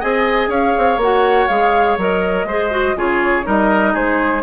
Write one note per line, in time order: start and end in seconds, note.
0.00 0.49 C4
0.00 1.01 G#4
0.00 0.49 D#5
0.00 0.51 G#5
0.49 0.73 C#4
0.49 2.46 C#5
0.49 1.00 F5
0.78 0.97 C4
0.97 1.46 A#3
0.97 1.50 F#4
0.97 1.48 F#5
1.48 1.98 G#3
1.48 1.99 G#4
1.48 1.97 F5
1.98 2.44 F#3
1.98 2.48 A#4
1.98 2.99 D#5
2.44 2.94 G#3
2.44 2.71 G#4
2.44 2.97 C5
2.71 2.95 F#4
2.96 3.45 C#3
2.96 3.44 F4
2.96 3.46 G#4
2.96 3.48 C#5
3.44 3.96 G3
3.44 4.42 D#4
3.44 3.93 A#4
3.44 3.96 D#5
3.93 4.43 G#3
3.93 4.42 G#4
3.93 4.43 C5